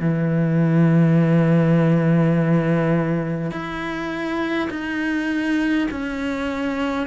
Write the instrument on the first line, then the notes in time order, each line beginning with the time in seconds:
cello
0.00 E3
3.51 E4
4.71 D#4
5.91 C#4